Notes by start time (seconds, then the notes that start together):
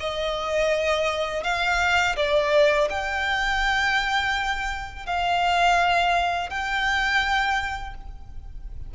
0.00 D#5
1.44 F5
2.17 D5
2.90 G5
5.07 F5
6.50 G5